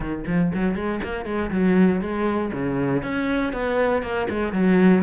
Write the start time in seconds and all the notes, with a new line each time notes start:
0.00 D#3
0.26 F3
0.54 F#3
0.75 G#3
1.03 A#3
1.25 G#3
1.51 F#3
2.01 G#3
2.52 C#3
3.02 C#4
3.52 B3
4.02 A#3
4.29 G#3
4.52 F#3